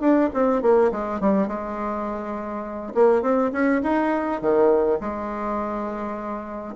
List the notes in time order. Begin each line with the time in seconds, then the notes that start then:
0.00 D4
0.33 C4
0.62 A#3
0.91 G#3
1.20 G3
1.47 G#3
2.94 A#3
3.22 C4
3.52 C#4
3.83 D#4
4.41 D#3
5.00 G#3